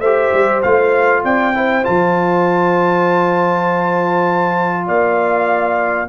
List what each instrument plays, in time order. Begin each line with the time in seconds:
0.00 tuba A3, trombone G4, horn C5, trumpet E5
0.33 tuba G3
0.63 tuba A3, trombone F4, trumpet F5
1.24 tuba C4, horn D5, trumpet G5
1.54 trombone E4, horn C5
1.84 tuba F3, trombone F4, trumpet A5
4.87 tuba A#3, horn D5, trumpet F5